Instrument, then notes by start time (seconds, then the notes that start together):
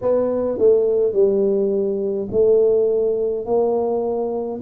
tuba
0.01 B3
0.58 A3
1.12 G3
2.31 A3
3.45 A#3